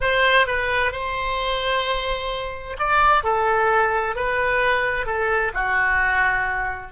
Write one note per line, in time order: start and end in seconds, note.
0.00 0.46 C5
0.46 0.92 B4
0.92 2.76 C5
2.78 3.23 D5
3.23 4.15 A4
4.15 5.05 B4
5.05 5.52 A4
5.54 6.91 F#4